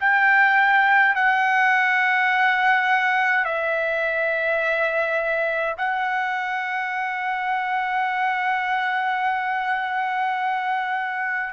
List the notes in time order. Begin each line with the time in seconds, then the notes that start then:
0.00 G5
1.15 F#5
3.45 E5
5.77 F#5